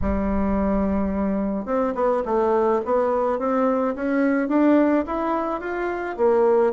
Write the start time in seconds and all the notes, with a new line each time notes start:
0.01 G3
1.65 C4
1.94 B3
2.25 A3
2.85 B3
3.38 C4
3.95 C#4
4.48 D4
5.06 E4
5.60 F4
6.17 A#3